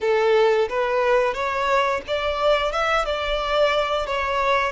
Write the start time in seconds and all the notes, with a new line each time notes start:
0.01 A4
0.69 B4
1.33 C#5
2.07 D5
2.72 E5
3.05 D5
4.06 C#5